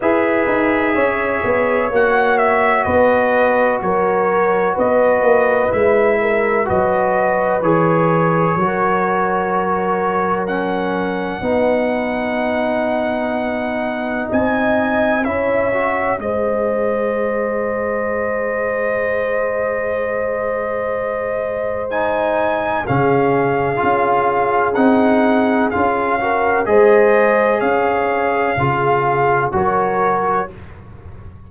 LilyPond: <<
  \new Staff \with { instrumentName = "trumpet" } { \time 4/4 \tempo 4 = 63 e''2 fis''8 e''8 dis''4 | cis''4 dis''4 e''4 dis''4 | cis''2. fis''4~ | fis''2. gis''4 |
e''4 dis''2.~ | dis''2. gis''4 | f''2 fis''4 f''4 | dis''4 f''2 cis''4 | }
  \new Staff \with { instrumentName = "horn" } { \time 4/4 b'4 cis''2 b'4 | ais'4 b'4. ais'8 b'4~ | b'4 ais'2. | b'2. dis''4 |
cis''4 c''2.~ | c''1 | gis'2.~ gis'8 ais'8 | c''4 cis''4 gis'4 ais'4 | }
  \new Staff \with { instrumentName = "trombone" } { \time 4/4 gis'2 fis'2~ | fis'2 e'4 fis'4 | gis'4 fis'2 cis'4 | dis'1 |
e'8 fis'8 gis'2.~ | gis'2. dis'4 | cis'4 f'4 dis'4 f'8 fis'8 | gis'2 f'4 fis'4 | }
  \new Staff \with { instrumentName = "tuba" } { \time 4/4 e'8 dis'8 cis'8 b8 ais4 b4 | fis4 b8 ais8 gis4 fis4 | e4 fis2. | b2. c'4 |
cis'4 gis2.~ | gis1 | cis4 cis'4 c'4 cis'4 | gis4 cis'4 cis4 fis4 | }
>>